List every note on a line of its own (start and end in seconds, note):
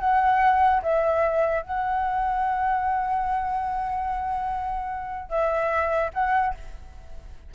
0.00 0.82 F#5
0.82 1.62 E5
1.62 5.29 F#5
5.29 6.11 E5
6.14 6.54 F#5